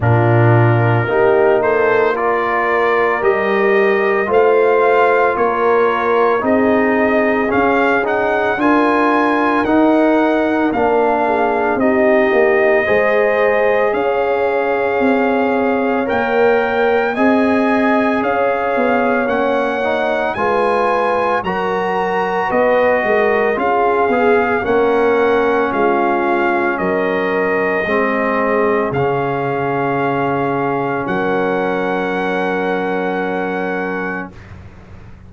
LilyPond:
<<
  \new Staff \with { instrumentName = "trumpet" } { \time 4/4 \tempo 4 = 56 ais'4. c''8 d''4 dis''4 | f''4 cis''4 dis''4 f''8 fis''8 | gis''4 fis''4 f''4 dis''4~ | dis''4 f''2 g''4 |
gis''4 f''4 fis''4 gis''4 | ais''4 dis''4 f''4 fis''4 | f''4 dis''2 f''4~ | f''4 fis''2. | }
  \new Staff \with { instrumentName = "horn" } { \time 4/4 f'4 g'8 a'8 ais'2 | c''4 ais'4 gis'2 | ais'2~ ais'8 gis'8 g'4 | c''4 cis''2. |
dis''4 cis''2 b'4 | ais'4 b'8 ais'8 gis'4 ais'4 | f'4 ais'4 gis'2~ | gis'4 ais'2. | }
  \new Staff \with { instrumentName = "trombone" } { \time 4/4 d'4 dis'4 f'4 g'4 | f'2 dis'4 cis'8 dis'8 | f'4 dis'4 d'4 dis'4 | gis'2. ais'4 |
gis'2 cis'8 dis'8 f'4 | fis'2 f'8 gis'8 cis'4~ | cis'2 c'4 cis'4~ | cis'1 | }
  \new Staff \with { instrumentName = "tuba" } { \time 4/4 ais,4 ais2 g4 | a4 ais4 c'4 cis'4 | d'4 dis'4 ais4 c'8 ais8 | gis4 cis'4 c'4 ais4 |
c'4 cis'8 b8 ais4 gis4 | fis4 b8 gis8 cis'8 b8 ais4 | gis4 fis4 gis4 cis4~ | cis4 fis2. | }
>>